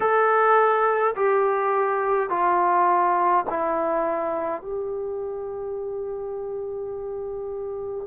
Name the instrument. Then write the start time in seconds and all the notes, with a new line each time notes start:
trombone
0.00 A4
1.15 G4
2.29 F4
3.49 E4
4.61 G4